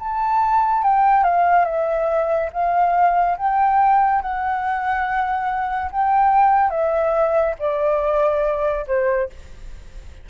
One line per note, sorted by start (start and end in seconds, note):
0.00 0.83 A5
0.83 1.24 G5
1.24 1.66 F5
1.66 2.50 E5
2.53 3.37 F5
3.38 4.22 G5
4.22 5.91 F#5
5.92 6.71 G5
6.71 7.55 E5
7.59 8.86 D5
8.88 9.30 C5